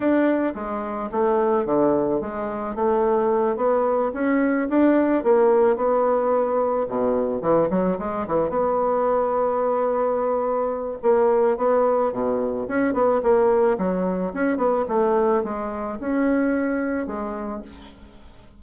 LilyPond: \new Staff \with { instrumentName = "bassoon" } { \time 4/4 \tempo 4 = 109 d'4 gis4 a4 d4 | gis4 a4. b4 cis'8~ | cis'8 d'4 ais4 b4.~ | b8 b,4 e8 fis8 gis8 e8 b8~ |
b1 | ais4 b4 b,4 cis'8 b8 | ais4 fis4 cis'8 b8 a4 | gis4 cis'2 gis4 | }